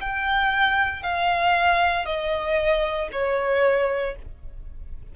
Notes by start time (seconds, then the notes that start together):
0.00 G5
1.03 F5
2.05 D#5
3.12 C#5